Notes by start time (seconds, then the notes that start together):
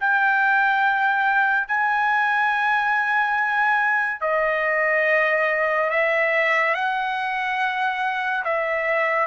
0.00 G5
1.67 G#5
4.21 D#5
5.90 E5
6.75 F#5
8.44 E5